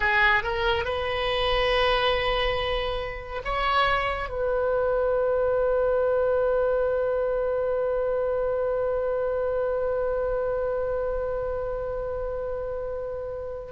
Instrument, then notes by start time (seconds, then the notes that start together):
oboe
0.00 G#4
0.43 A#4
0.85 B4
3.44 C#5
4.29 B4